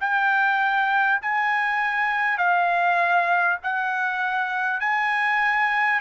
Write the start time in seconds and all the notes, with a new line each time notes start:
0.00 G5
1.22 G#5
2.38 F5
3.63 F#5
4.80 G#5